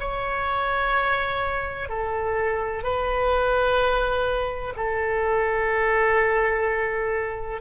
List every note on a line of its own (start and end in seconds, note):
0.00 1.90 C#5
1.90 2.84 A4
2.84 4.74 B4
4.76 7.61 A4